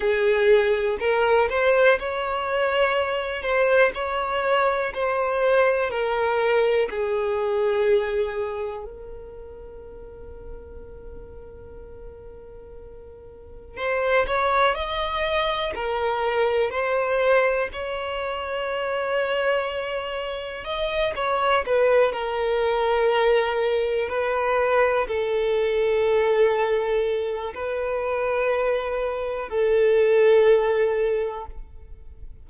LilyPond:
\new Staff \with { instrumentName = "violin" } { \time 4/4 \tempo 4 = 61 gis'4 ais'8 c''8 cis''4. c''8 | cis''4 c''4 ais'4 gis'4~ | gis'4 ais'2.~ | ais'2 c''8 cis''8 dis''4 |
ais'4 c''4 cis''2~ | cis''4 dis''8 cis''8 b'8 ais'4.~ | ais'8 b'4 a'2~ a'8 | b'2 a'2 | }